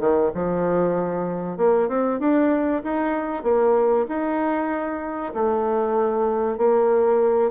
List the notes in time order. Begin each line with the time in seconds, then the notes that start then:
0.00 D#3
0.34 F3
1.57 A#3
1.89 C4
2.20 D4
2.84 D#4
3.43 A#3
4.09 D#4
5.34 A3
6.58 A#3